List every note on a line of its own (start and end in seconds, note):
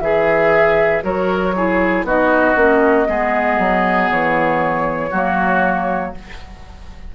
0.00 1.02 E3
0.00 1.03 G#4
0.00 1.05 G#4
0.00 1.02 E5
1.03 2.04 F#3
1.03 1.54 F#4
1.03 1.56 A#4
1.03 2.06 C#5
1.56 2.07 E4
1.56 2.07 G#4
2.04 2.55 B3
2.04 2.56 D#4
2.04 3.08 F#4
2.04 4.11 D#5
2.56 3.07 A#3
2.56 3.07 C#4
3.07 3.59 G#3
3.07 5.10 B3
3.07 5.11 G#4
3.59 4.10 F#3
4.11 5.12 E3
4.11 6.14 C#5
5.11 6.14 F#3
5.11 6.15 A#3
5.11 6.12 F#4